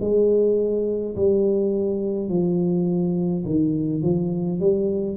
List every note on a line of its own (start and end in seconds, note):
0.00 1.15 G#3
1.16 2.29 G3
2.29 3.45 F3
3.46 4.02 D#3
4.02 4.60 F3
4.60 5.17 G3